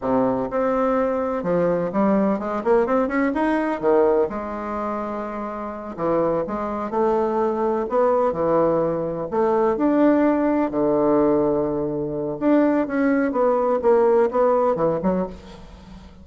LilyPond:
\new Staff \with { instrumentName = "bassoon" } { \time 4/4 \tempo 4 = 126 c4 c'2 f4 | g4 gis8 ais8 c'8 cis'8 dis'4 | dis4 gis2.~ | gis8 e4 gis4 a4.~ |
a8 b4 e2 a8~ | a8 d'2 d4.~ | d2 d'4 cis'4 | b4 ais4 b4 e8 fis8 | }